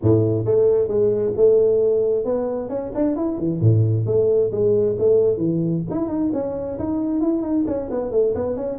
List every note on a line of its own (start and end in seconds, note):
0.02 0.45 A2
0.45 0.87 A3
0.87 1.32 G#3
1.36 2.24 A3
2.24 2.69 B3
2.69 2.91 C#4
2.94 3.16 D4
3.16 3.37 E4
3.37 3.60 E3
3.60 4.06 A2
4.06 4.51 A3
4.51 4.96 G#3
4.98 5.37 A3
5.37 5.82 E3
5.90 6.08 E4
6.08 6.31 D#4
6.33 6.78 C#4
6.79 7.20 D#4
7.20 7.41 E4
7.41 7.64 D#4
7.67 7.89 C#4
7.90 8.11 B3
8.11 8.34 A3
8.35 8.56 B3
8.56 8.78 C#4